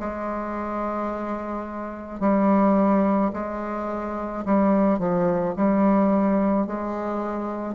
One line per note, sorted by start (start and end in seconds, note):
0.00 2.21 G#3
2.21 3.32 G3
3.33 4.44 G#3
4.45 4.99 G3
4.99 5.55 F3
5.57 6.67 G3
6.67 7.75 G#3